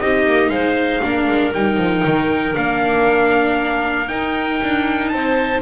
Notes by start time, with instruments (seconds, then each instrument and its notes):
0.00 double bass C4, viola D#4, clarinet G4, trumpet D#5
0.26 double bass A#3
0.48 double bass G#3, clarinet C5, trumpet F5
1.01 double bass A#3, viola D4, clarinet A#4
1.27 double bass G#3
1.53 double bass G3, viola D#4, trumpet G5
1.77 double bass F3
2.04 double bass D#3
2.54 double bass A#3, viola D4, trumpet F5
4.07 viola D#4, double bass D#4, trumpet G5
4.62 double bass D4
5.08 double bass C4, clarinet C5, trumpet A5